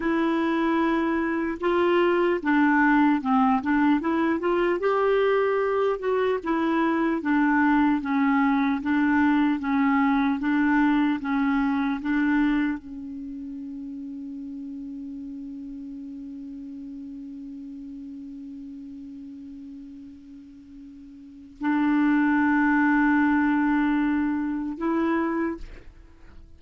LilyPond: \new Staff \with { instrumentName = "clarinet" } { \time 4/4 \tempo 4 = 75 e'2 f'4 d'4 | c'8 d'8 e'8 f'8 g'4. fis'8 | e'4 d'4 cis'4 d'4 | cis'4 d'4 cis'4 d'4 |
cis'1~ | cis'1~ | cis'2. d'4~ | d'2. e'4 | }